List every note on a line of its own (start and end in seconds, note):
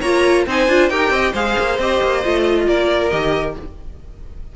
0.00 0.46 A#3
0.00 0.47 F4
0.00 0.44 C#5
0.00 0.45 A#5
0.46 0.68 C4
0.46 0.69 D#4
0.46 0.91 C5
0.46 0.89 G#5
0.68 0.90 D4
0.68 0.90 F4
0.89 1.10 D#4
0.89 1.34 G4
0.89 1.12 A#4
0.89 1.33 G5
1.10 1.32 C4
1.10 1.31 D#5
1.31 1.56 G#3
1.31 1.79 G#4
1.31 2.64 C5
1.31 1.79 F5
1.59 1.78 A#3
1.78 2.00 C4
1.78 2.23 G4
1.78 2.68 D#5
2.02 2.24 A#3
2.23 2.67 A3
2.23 3.11 F4
2.67 3.11 A#3
2.67 3.56 A#4
2.67 3.09 D5
3.09 3.56 D#3
3.09 3.55 G4
3.09 3.53 D#5